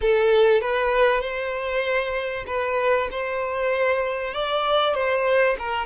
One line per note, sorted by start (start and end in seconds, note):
0.01 0.61 A4
0.61 1.21 B4
1.21 2.45 C5
2.46 3.08 B4
3.11 4.34 C5
4.34 4.94 D5
4.94 5.56 C5
5.58 5.86 A#4